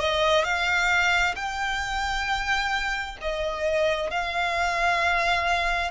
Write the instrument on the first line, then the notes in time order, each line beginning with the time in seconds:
violin
0.00 D#5
0.44 F5
1.36 G5
3.21 D#5
4.11 F5